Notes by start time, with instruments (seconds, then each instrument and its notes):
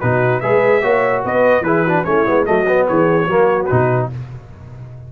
0.00 tuba B2, trombone D#4, horn F#4, trumpet B4
0.40 tuba G#3, trombone G#4, horn B4, trumpet E5
0.81 tuba A#3, trombone F#4, horn C#5
1.24 tuba B3, horn B4, trumpet D#5
1.61 tuba E3, trombone E4, horn G#4, trumpet B4
1.85 trombone D4, horn F#4
2.04 tuba A3, trombone C#4, horn E4, trumpet C#5
2.25 tuba G#3, trombone B3
2.45 tuba F#3, trombone A3, horn F#4, trumpet D#5
2.67 trombone B3
2.87 tuba E3, horn G#4, trumpet C#5
3.27 tuba F#3, trombone A#3, horn F#4
3.65 trombone D#4, trumpet B4
3.71 tuba B2